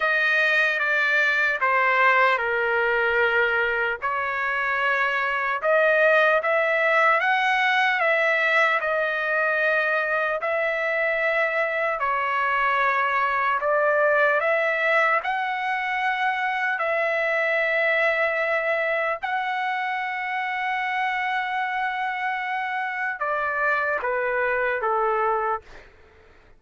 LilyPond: \new Staff \with { instrumentName = "trumpet" } { \time 4/4 \tempo 4 = 75 dis''4 d''4 c''4 ais'4~ | ais'4 cis''2 dis''4 | e''4 fis''4 e''4 dis''4~ | dis''4 e''2 cis''4~ |
cis''4 d''4 e''4 fis''4~ | fis''4 e''2. | fis''1~ | fis''4 d''4 b'4 a'4 | }